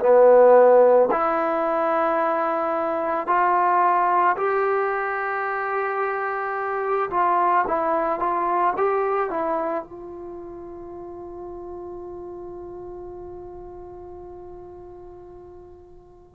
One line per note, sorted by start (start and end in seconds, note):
0.00 1.09 B3
1.11 3.27 E4
3.27 4.36 F4
4.37 7.10 G4
7.10 7.65 F4
7.67 8.19 E4
8.19 8.74 F4
8.77 9.30 G4
9.30 9.84 E4
9.84 16.35 F4